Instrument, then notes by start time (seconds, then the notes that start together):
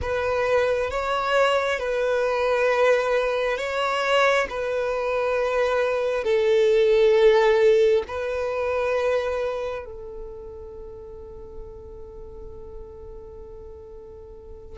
violin
0.01 B4
0.90 C#5
1.79 B4
3.57 C#5
4.49 B4
6.24 A4
8.07 B4
9.85 A4